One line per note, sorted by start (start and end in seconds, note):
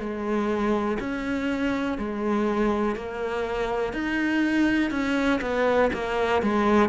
0.00 0.98 G#3
1.00 1.98 C#4
1.98 2.96 G#3
2.96 3.93 A#3
3.93 4.91 D#4
4.91 5.40 C#4
5.41 5.91 B3
5.93 6.42 A#3
6.42 6.89 G#3